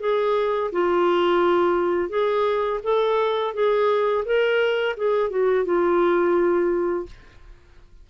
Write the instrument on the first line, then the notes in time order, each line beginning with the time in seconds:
clarinet
0.00 G#4
0.72 F4
2.09 G#4
2.83 A4
3.54 G#4
4.25 A#4
4.97 G#4
5.30 F#4
5.65 F4